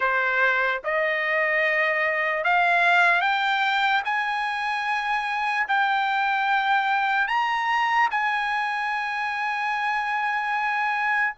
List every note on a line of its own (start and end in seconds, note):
0.00 0.81 C5
0.84 2.43 D#5
2.43 3.21 F5
3.21 4.02 G5
4.04 5.66 G#5
5.68 7.28 G5
7.28 8.09 A#5
8.10 11.35 G#5